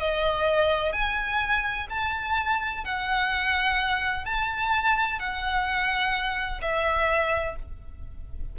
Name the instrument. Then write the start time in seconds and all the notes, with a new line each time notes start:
violin
0.00 D#5
0.93 G#5
1.90 A5
2.85 F#5
4.25 A5
5.19 F#5
6.62 E5